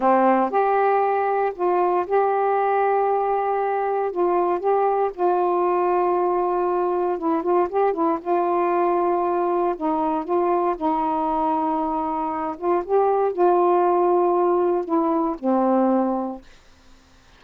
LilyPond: \new Staff \with { instrumentName = "saxophone" } { \time 4/4 \tempo 4 = 117 c'4 g'2 f'4 | g'1 | f'4 g'4 f'2~ | f'2 e'8 f'8 g'8 e'8 |
f'2. dis'4 | f'4 dis'2.~ | dis'8 f'8 g'4 f'2~ | f'4 e'4 c'2 | }